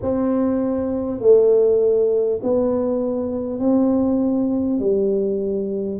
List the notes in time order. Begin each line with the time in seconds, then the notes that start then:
0.02 C4
1.19 A3
2.42 B3
3.59 C4
4.79 G3